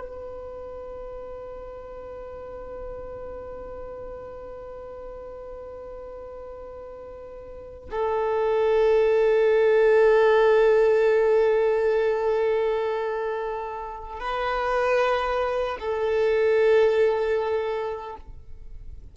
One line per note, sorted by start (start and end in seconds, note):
0.00 7.89 B4
7.91 14.20 A4
14.20 15.78 B4
15.80 18.17 A4